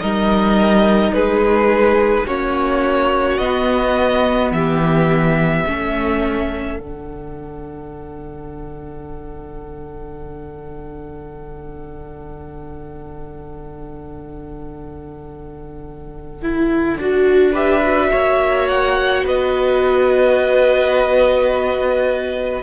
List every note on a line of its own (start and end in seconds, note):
0.00 1.11 G3
0.00 2.26 D#4
0.00 1.15 A#4
0.00 1.14 D#5
1.11 2.25 G#3
1.11 2.28 G#4
1.11 2.27 B4
2.26 3.39 A#3
2.26 3.41 C#4
2.26 4.54 F#4
2.26 3.38 C#5
3.38 4.51 B3
3.38 5.67 B3
3.38 4.52 D#5
4.51 5.65 E3
4.51 5.68 G4
4.51 6.80 E5
5.66 6.79 A3
5.66 6.79 C#4
5.66 17.53 A4
6.79 16.98 D3
6.79 16.42 D4
6.79 17.55 F#5
16.42 16.99 E4
16.98 18.11 D4
16.98 17.54 F#4
17.53 17.82 G4
17.53 18.09 B4
17.53 18.69 E5
17.83 22.63 F#4
18.11 19.23 A#3
18.11 19.25 C#5
18.69 19.25 F#5
19.23 22.63 B3
19.23 22.63 B4
19.23 22.63 D#5